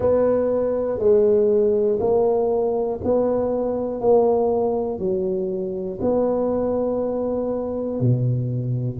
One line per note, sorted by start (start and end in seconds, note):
0.00 0.99 B3
0.99 1.99 G#3
2.00 3.00 A#3
3.04 4.00 B3
4.00 4.98 A#3
4.98 5.98 F#3
6.00 8.00 B3
8.00 8.99 B2